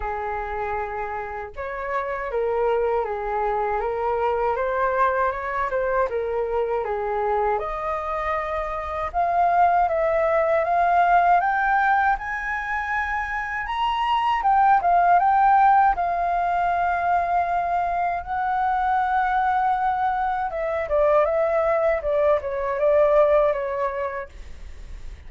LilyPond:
\new Staff \with { instrumentName = "flute" } { \time 4/4 \tempo 4 = 79 gis'2 cis''4 ais'4 | gis'4 ais'4 c''4 cis''8 c''8 | ais'4 gis'4 dis''2 | f''4 e''4 f''4 g''4 |
gis''2 ais''4 g''8 f''8 | g''4 f''2. | fis''2. e''8 d''8 | e''4 d''8 cis''8 d''4 cis''4 | }